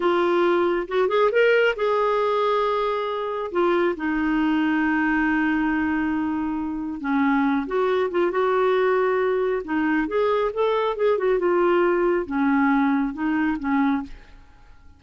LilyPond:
\new Staff \with { instrumentName = "clarinet" } { \time 4/4 \tempo 4 = 137 f'2 fis'8 gis'8 ais'4 | gis'1 | f'4 dis'2.~ | dis'1 |
cis'4. fis'4 f'8 fis'4~ | fis'2 dis'4 gis'4 | a'4 gis'8 fis'8 f'2 | cis'2 dis'4 cis'4 | }